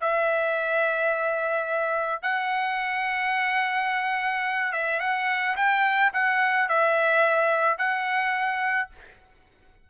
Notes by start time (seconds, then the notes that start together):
0.00 E5
2.22 F#5
4.72 E5
4.99 F#5
5.56 G5
6.13 F#5
6.68 E5
7.78 F#5